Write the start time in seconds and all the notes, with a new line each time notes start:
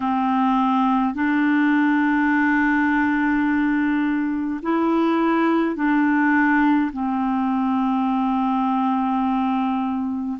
0.00 C4
1.14 D4
4.62 E4
5.75 D4
6.92 C4